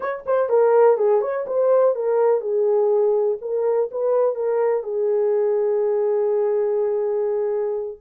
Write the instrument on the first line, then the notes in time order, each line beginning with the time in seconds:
horn
0.00 C#5
0.26 C5
0.49 A#4
0.97 G#4
1.21 C#5
1.46 C5
1.95 A#4
2.40 G#4
3.41 A#4
3.91 B4
4.35 A#4
4.83 G#4